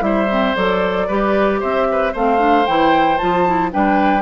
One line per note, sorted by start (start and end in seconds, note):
0.00 0.53 G3
0.00 0.26 E4
0.00 1.07 C5
0.00 0.55 E5
0.30 0.56 C4
0.55 1.09 F#3
0.55 1.09 A4
0.55 1.61 D5
1.07 1.61 G3
1.07 2.14 G4
1.07 1.59 B4
1.59 2.14 C4
1.59 1.86 C5
1.59 2.14 E5
1.91 2.12 B4
2.12 2.67 A3
2.12 2.38 C4
2.12 3.70 C5
2.12 2.66 F5
2.38 2.64 D4
2.66 3.20 E3
2.66 3.19 E4
2.66 3.17 G5
3.17 3.74 F3
3.17 3.45 F4
3.17 3.70 A5
3.46 3.71 E4
3.71 4.21 G3
3.71 4.21 D4
3.71 4.21 B4
3.71 4.21 G5